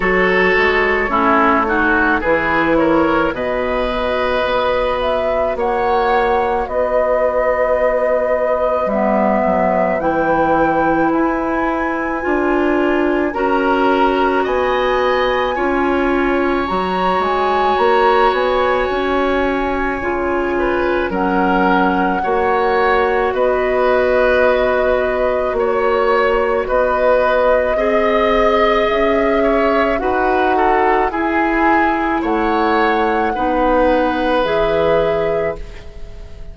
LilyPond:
<<
  \new Staff \with { instrumentName = "flute" } { \time 4/4 \tempo 4 = 54 cis''2 b'8 cis''8 dis''4~ | dis''8 e''8 fis''4 dis''2 | e''4 g''4 gis''2 | ais''4 gis''2 ais''8 gis''8 |
ais''8 gis''2~ gis''8 fis''4~ | fis''4 dis''2 cis''4 | dis''2 e''4 fis''4 | gis''4 fis''2 e''4 | }
  \new Staff \with { instrumentName = "oboe" } { \time 4/4 a'4 e'8 fis'8 gis'8 ais'8 b'4~ | b'4 cis''4 b'2~ | b'1 | ais'4 dis''4 cis''2~ |
cis''2~ cis''8 b'8 ais'4 | cis''4 b'2 cis''4 | b'4 dis''4. cis''8 b'8 a'8 | gis'4 cis''4 b'2 | }
  \new Staff \with { instrumentName = "clarinet" } { \time 4/4 fis'4 cis'8 dis'8 e'4 fis'4~ | fis'1 | b4 e'2 f'4 | fis'2 f'4 fis'4~ |
fis'2 f'4 cis'4 | fis'1~ | fis'4 gis'2 fis'4 | e'2 dis'4 gis'4 | }
  \new Staff \with { instrumentName = "bassoon" } { \time 4/4 fis8 gis8 a4 e4 b,4 | b4 ais4 b2 | g8 fis8 e4 e'4 d'4 | cis'4 b4 cis'4 fis8 gis8 |
ais8 b8 cis'4 cis4 fis4 | ais4 b2 ais4 | b4 c'4 cis'4 dis'4 | e'4 a4 b4 e4 | }
>>